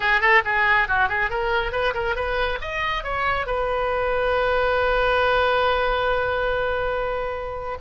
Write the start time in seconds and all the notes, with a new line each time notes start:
0.00 G#4
0.20 A4
0.44 G#4
0.88 F#4
1.08 G#4
1.30 A#4
1.71 B4
1.94 A#4
2.15 B4
2.61 D#5
3.03 C#5
3.46 B4